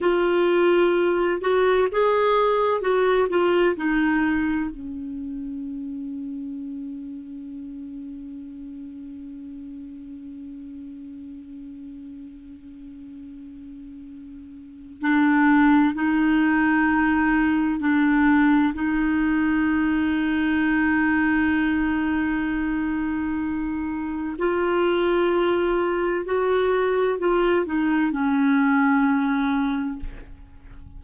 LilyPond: \new Staff \with { instrumentName = "clarinet" } { \time 4/4 \tempo 4 = 64 f'4. fis'8 gis'4 fis'8 f'8 | dis'4 cis'2.~ | cis'1~ | cis'1 |
d'4 dis'2 d'4 | dis'1~ | dis'2 f'2 | fis'4 f'8 dis'8 cis'2 | }